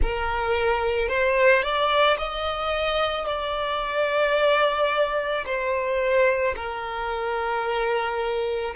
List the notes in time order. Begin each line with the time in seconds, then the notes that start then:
0.01 A#4
1.08 C5
1.62 D5
2.18 D#5
3.26 D5
5.45 C5
6.56 A#4